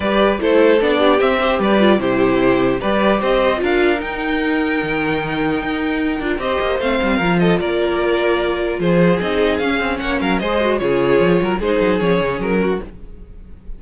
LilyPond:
<<
  \new Staff \with { instrumentName = "violin" } { \time 4/4 \tempo 4 = 150 d''4 c''4 d''4 e''4 | d''4 c''2 d''4 | dis''4 f''4 g''2~ | g''1 |
dis''4 f''4. dis''8 d''4~ | d''2 c''4 dis''4 | f''4 fis''8 f''8 dis''4 cis''4~ | cis''4 c''4 cis''4 ais'4 | }
  \new Staff \with { instrumentName = "violin" } { \time 4/4 b'4 a'4. g'4 c''8 | b'4 g'2 b'4 | c''4 ais'2.~ | ais'1 |
c''2 ais'8 a'8 ais'4~ | ais'2 gis'2~ | gis'4 cis''8 ais'8 c''4 gis'4~ | gis'8 ais'8 gis'2~ gis'8 fis'8 | }
  \new Staff \with { instrumentName = "viola" } { \time 4/4 g'4 e'4 d'4 c'8 g'8~ | g'8 f'8 e'2 g'4~ | g'4 f'4 dis'2~ | dis'2.~ dis'8 f'8 |
g'4 c'4 f'2~ | f'2. dis'4 | cis'2 gis'8 fis'8 f'4~ | f'4 dis'4 cis'2 | }
  \new Staff \with { instrumentName = "cello" } { \time 4/4 g4 a4 b4 c'4 | g4 c2 g4 | c'4 d'4 dis'2 | dis2 dis'4. d'8 |
c'8 ais8 a8 g8 f4 ais4~ | ais2 f4 c'4 | cis'8 c'8 ais8 fis8 gis4 cis4 | f8 fis8 gis8 fis8 f8 cis8 fis4 | }
>>